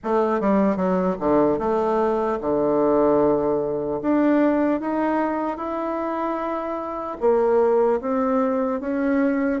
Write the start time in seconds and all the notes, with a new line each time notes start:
0.03 A3
0.40 G3
0.76 F#3
1.19 D3
1.59 A3
2.40 D3
4.01 D4
4.80 D#4
5.57 E4
7.20 A#3
8.00 C4
8.80 C#4